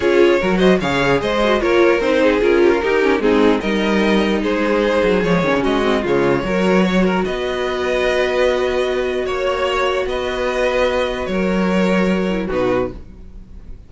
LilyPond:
<<
  \new Staff \with { instrumentName = "violin" } { \time 4/4 \tempo 4 = 149 cis''4. dis''8 f''4 dis''4 | cis''4 c''4 ais'2 | gis'4 dis''2 c''4~ | c''4 cis''4 dis''4 cis''4~ |
cis''2 dis''2~ | dis''2. cis''4~ | cis''4 dis''2. | cis''2. b'4 | }
  \new Staff \with { instrumentName = "violin" } { \time 4/4 gis'4 ais'8 c''8 cis''4 c''4 | ais'4. gis'4 g'16 f'16 g'4 | dis'4 ais'2 gis'4~ | gis'2 fis'4 f'4 |
ais'4 cis''8 ais'8 b'2~ | b'2. cis''4~ | cis''4 b'2. | ais'2. fis'4 | }
  \new Staff \with { instrumentName = "viola" } { \time 4/4 f'4 fis'4 gis'4. fis'8 | f'4 dis'4 f'4 dis'8 cis'8 | c'4 dis'2.~ | dis'4 gis8 cis'4 c'8 gis4 |
fis'1~ | fis'1~ | fis'1~ | fis'2~ fis'8 e'8 dis'4 | }
  \new Staff \with { instrumentName = "cello" } { \time 4/4 cis'4 fis4 cis4 gis4 | ais4 c'4 cis'4 dis'4 | gis4 g2 gis4~ | gis8 fis8 f8 dis16 cis16 gis4 cis4 |
fis2 b2~ | b2. ais4~ | ais4 b2. | fis2. b,4 | }
>>